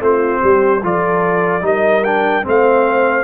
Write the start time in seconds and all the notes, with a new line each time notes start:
0.00 A3 C4 F4 C5
0.41 G3 G4
0.83 F3 F4 A4 D5
1.61 G3 D#4 A#4 D#5
2.04 D4 G5
2.43 A3 C4 C5 F5